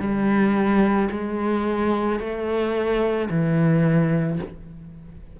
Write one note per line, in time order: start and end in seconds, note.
0.00 1.09 G3
1.11 2.20 G#3
2.20 3.29 A3
3.30 4.39 E3